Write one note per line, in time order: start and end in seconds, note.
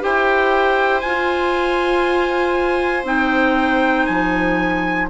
0.00 1.03 E4
0.00 1.02 G4
0.00 5.10 C5
0.00 1.01 G5
1.01 3.04 F4
1.01 3.04 G#5
3.04 4.06 C4
3.04 5.08 D#4
3.04 4.06 G5
4.06 5.10 F3
4.06 5.08 G#5